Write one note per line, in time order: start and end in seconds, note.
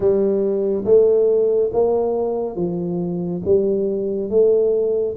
0.00 0.84 G3
0.85 1.70 A3
1.73 2.56 A#3
2.56 3.41 F3
3.44 4.30 G3
4.30 5.15 A3